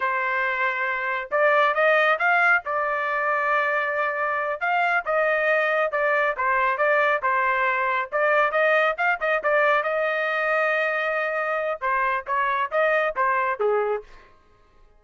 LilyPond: \new Staff \with { instrumentName = "trumpet" } { \time 4/4 \tempo 4 = 137 c''2. d''4 | dis''4 f''4 d''2~ | d''2~ d''8 f''4 dis''8~ | dis''4. d''4 c''4 d''8~ |
d''8 c''2 d''4 dis''8~ | dis''8 f''8 dis''8 d''4 dis''4.~ | dis''2. c''4 | cis''4 dis''4 c''4 gis'4 | }